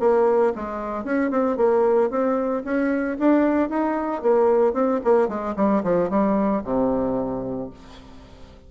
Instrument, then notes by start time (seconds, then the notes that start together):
bassoon
0.00 A#3
0.56 G#3
1.04 C#4
1.31 C4
1.57 A#3
2.10 C4
2.64 C#4
3.19 D4
3.69 D#4
4.22 A#3
4.74 C4
5.04 A#3
5.28 G#3
5.56 G3
5.83 F3
6.10 G3
6.64 C3